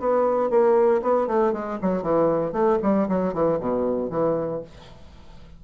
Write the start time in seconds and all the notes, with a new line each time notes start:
0.00 B3
0.50 A#3
1.02 B3
1.28 A3
1.53 G#3
1.82 F#3
2.03 E3
2.53 A3
2.83 G3
3.09 F#3
3.34 E3
3.60 B2
4.10 E3